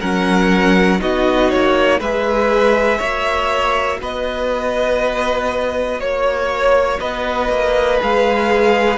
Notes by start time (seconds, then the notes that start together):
0.00 F#3 C#4 A#4 F#5
0.99 B3 D#4 F#4 D#5
1.50 A#3 C#5
2.00 G#3 G#4 B4 E5
2.98 A#3 F#4 C#5
4.01 B3 B4 D#5
5.99 A#3 C#5
7.00 B3 B4 D#5
7.49 A#3
7.99 G#3 G#4 F5